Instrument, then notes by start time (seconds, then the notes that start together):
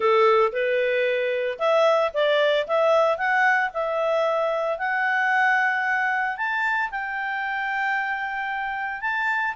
clarinet
0.00 A4
0.52 B4
1.58 E5
2.13 D5
2.67 E5
3.17 F#5
3.73 E5
4.78 F#5
6.37 A5
6.91 G5
9.01 A5